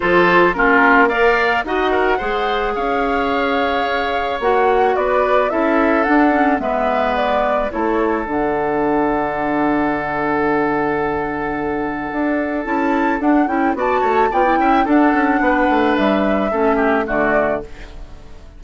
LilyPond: <<
  \new Staff \with { instrumentName = "flute" } { \time 4/4 \tempo 4 = 109 c''4 ais'4 f''4 fis''4~ | fis''4 f''2. | fis''4 d''4 e''4 fis''4 | e''4 d''4 cis''4 fis''4~ |
fis''1~ | fis''2. a''4 | fis''8 g''8 a''4 g''4 fis''4~ | fis''4 e''2 d''4 | }
  \new Staff \with { instrumentName = "oboe" } { \time 4/4 a'4 f'4 d''4 dis''8 ais'8 | c''4 cis''2.~ | cis''4 b'4 a'2 | b'2 a'2~ |
a'1~ | a'1~ | a'4 d''8 cis''8 d''8 e''8 a'4 | b'2 a'8 g'8 fis'4 | }
  \new Staff \with { instrumentName = "clarinet" } { \time 4/4 f'4 cis'4 ais'4 fis'4 | gis'1 | fis'2 e'4 d'8 cis'8 | b2 e'4 d'4~ |
d'1~ | d'2. e'4 | d'8 e'8 fis'4 f'16 e'8. d'4~ | d'2 cis'4 a4 | }
  \new Staff \with { instrumentName = "bassoon" } { \time 4/4 f4 ais2 dis'4 | gis4 cis'2. | ais4 b4 cis'4 d'4 | gis2 a4 d4~ |
d1~ | d2 d'4 cis'4 | d'8 cis'8 b8 a8 b8 cis'8 d'8 cis'8 | b8 a8 g4 a4 d4 | }
>>